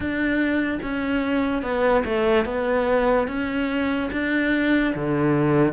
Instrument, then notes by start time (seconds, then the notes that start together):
cello
0.00 D4
0.82 C#4
1.62 B3
2.04 A3
2.45 B3
3.27 C#4
4.11 D4
4.95 D3